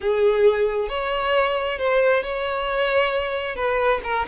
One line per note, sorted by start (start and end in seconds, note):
0.00 0.88 G#4
0.88 1.78 C#5
1.78 2.23 C5
2.23 3.55 C#5
3.55 4.00 B4
4.03 4.25 A#4